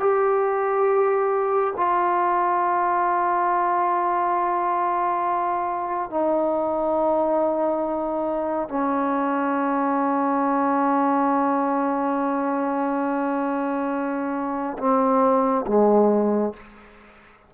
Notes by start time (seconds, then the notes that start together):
0.00 G4
1.77 F4
6.10 D#4
8.69 C#4
14.78 C4
15.67 G#3